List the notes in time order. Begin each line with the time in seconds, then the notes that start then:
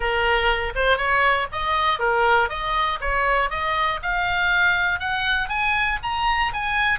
0.00 A#4
0.75 C5
0.97 C#5
1.52 D#5
1.99 A#4
2.49 D#5
3.00 C#5
3.50 D#5
4.02 F5
4.99 F#5
5.48 G#5
6.02 A#5
6.53 G#5